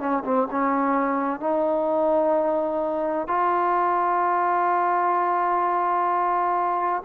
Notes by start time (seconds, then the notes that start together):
0.00 C#4
0.25 C4
0.51 C#4
1.40 D#4
3.28 F4